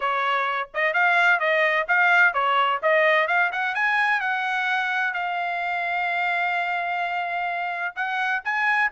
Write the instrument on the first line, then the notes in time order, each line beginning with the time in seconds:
trumpet
0.00 C#5
0.74 D#5
0.93 F5
1.39 D#5
1.88 F5
2.33 C#5
2.82 D#5
3.27 F5
3.52 F#5
3.74 G#5
4.20 F#5
5.13 F5
7.95 F#5
8.44 G#5